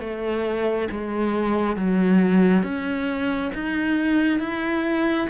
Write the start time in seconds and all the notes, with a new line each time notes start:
0.00 A3
0.91 G#3
1.76 F#3
2.63 C#4
3.54 D#4
4.39 E4